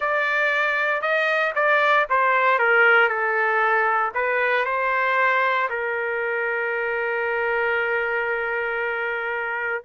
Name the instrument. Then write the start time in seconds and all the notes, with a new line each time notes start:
trumpet
0.00 D5
1.01 D#5
1.55 D5
2.09 C5
2.58 A#4
3.08 A4
4.14 B4
4.65 C5
5.69 A#4